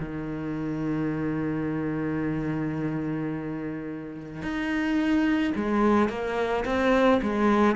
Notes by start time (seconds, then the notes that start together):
0.00 D#3
4.42 D#4
5.55 G#3
6.09 A#3
6.65 C4
7.22 G#3